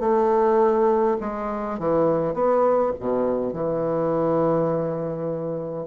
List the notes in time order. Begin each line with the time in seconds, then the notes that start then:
0.00 A3
1.20 G#3
1.79 E3
2.34 B3
3.00 B2
3.53 E3